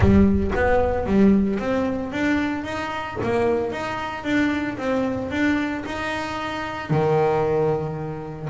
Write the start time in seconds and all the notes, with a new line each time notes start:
0.00 G3
0.55 B3
1.05 G3
1.59 C4
2.12 D4
2.64 D#4
3.23 A#3
3.71 D#4
4.24 D4
4.77 C4
5.30 D4
5.85 D#4
6.90 D#3